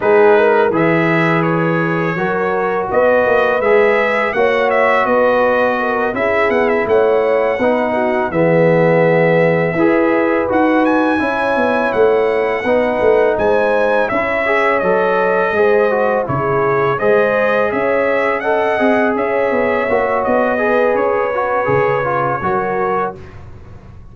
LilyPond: <<
  \new Staff \with { instrumentName = "trumpet" } { \time 4/4 \tempo 4 = 83 b'4 e''4 cis''2 | dis''4 e''4 fis''8 e''8 dis''4~ | dis''8 e''8 fis''16 e''16 fis''2 e''8~ | e''2~ e''8 fis''8 gis''4~ |
gis''8 fis''2 gis''4 e''8~ | e''8 dis''2 cis''4 dis''8~ | dis''8 e''4 fis''4 e''4. | dis''4 cis''2. | }
  \new Staff \with { instrumentName = "horn" } { \time 4/4 gis'8 ais'8 b'2 ais'4 | b'2 cis''4 b'4 | ais'8 gis'4 cis''4 b'8 fis'8 gis'8~ | gis'4. b'2 cis''8~ |
cis''4. b'4 c''4 cis''8~ | cis''4. c''4 gis'4 c''8~ | c''8 cis''4 dis''4 cis''4.~ | cis''8 b'2~ b'8 ais'4 | }
  \new Staff \with { instrumentName = "trombone" } { \time 4/4 dis'4 gis'2 fis'4~ | fis'4 gis'4 fis'2~ | fis'8 e'2 dis'4 b8~ | b4. gis'4 fis'4 e'8~ |
e'4. dis'2 e'8 | gis'8 a'4 gis'8 fis'8 e'4 gis'8~ | gis'4. a'8 gis'4. fis'8~ | fis'8 gis'4 fis'8 gis'8 f'8 fis'4 | }
  \new Staff \with { instrumentName = "tuba" } { \time 4/4 gis4 e2 fis4 | b8 ais8 gis4 ais4 b4~ | b8 cis'8 b8 a4 b4 e8~ | e4. e'4 dis'4 cis'8 |
b8 a4 b8 a8 gis4 cis'8~ | cis'8 fis4 gis4 cis4 gis8~ | gis8 cis'4. c'8 cis'8 b8 ais8 | b4 cis'4 cis4 fis4 | }
>>